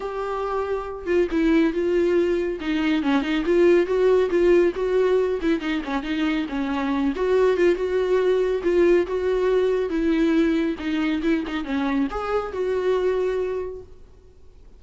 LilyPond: \new Staff \with { instrumentName = "viola" } { \time 4/4 \tempo 4 = 139 g'2~ g'8 f'8 e'4 | f'2 dis'4 cis'8 dis'8 | f'4 fis'4 f'4 fis'4~ | fis'8 e'8 dis'8 cis'8 dis'4 cis'4~ |
cis'8 fis'4 f'8 fis'2 | f'4 fis'2 e'4~ | e'4 dis'4 e'8 dis'8 cis'4 | gis'4 fis'2. | }